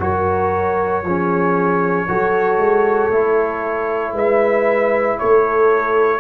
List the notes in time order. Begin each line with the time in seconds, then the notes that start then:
0.00 F#3 F#4 A#4 C#5
1.04 F3 C#4 G#4
2.07 F#3 F#4 A4
2.58 G#3
3.12 A3 E4
4.14 G#3 B4 E5
5.19 A3 A4 C#5